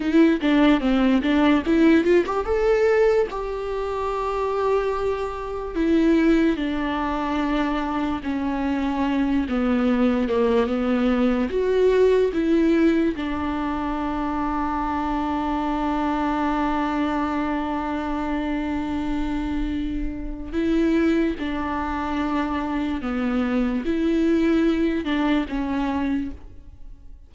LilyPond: \new Staff \with { instrumentName = "viola" } { \time 4/4 \tempo 4 = 73 e'8 d'8 c'8 d'8 e'8 f'16 g'16 a'4 | g'2. e'4 | d'2 cis'4. b8~ | b8 ais8 b4 fis'4 e'4 |
d'1~ | d'1~ | d'4 e'4 d'2 | b4 e'4. d'8 cis'4 | }